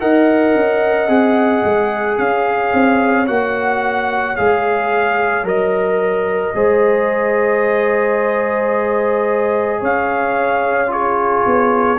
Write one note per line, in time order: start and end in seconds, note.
0.00 0.55 D#4
0.00 1.08 A#4
0.00 2.19 D#5
0.00 2.17 F#5
0.55 1.08 C#4
1.08 1.62 C4
1.08 3.26 G#4
1.64 2.18 G#3
2.17 2.72 C#4
2.17 6.55 C#5
2.17 3.27 F5
2.73 3.28 C4
3.27 4.37 A#3
3.27 4.36 F#4
3.27 4.36 F#5
4.36 5.43 G#3
4.36 5.44 G#4
4.36 5.45 F5
5.43 6.52 F#3
5.43 6.53 A#4
5.43 9.83 D#5
6.55 9.82 G#3
6.55 10.87 G#4
6.55 9.80 C5
9.80 11.45 C#4
9.80 10.90 C#5
9.80 10.92 F5
10.87 11.96 F4
10.87 11.98 G#4
10.87 11.98 C#5
11.45 11.98 B3